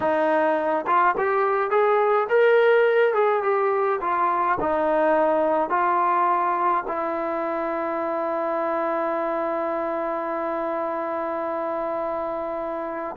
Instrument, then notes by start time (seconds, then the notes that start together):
trombone
0.00 D#4
0.86 F4
1.17 G4
1.70 G#4
2.29 A#4
3.14 G#4
3.42 G4
4.01 F4
4.60 D#4
5.69 F4
6.87 E4